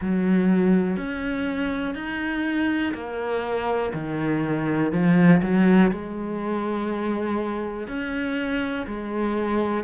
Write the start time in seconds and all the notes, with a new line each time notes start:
0.01 F#3
0.96 C#4
1.94 D#4
2.94 A#3
3.93 D#3
4.92 F3
5.42 F#3
5.91 G#3
7.87 C#4
8.86 G#3